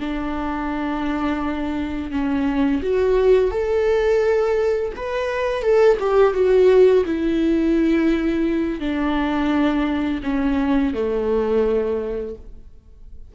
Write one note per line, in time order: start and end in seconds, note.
0.00 2.11 D4
2.11 2.82 C#4
2.83 3.51 F#4
3.51 4.93 A4
4.97 5.62 B4
5.62 5.98 A4
6.00 6.34 G4
6.34 7.05 F#4
7.06 8.80 E4
8.80 10.21 D4
10.24 10.94 C#4
10.94 12.35 A3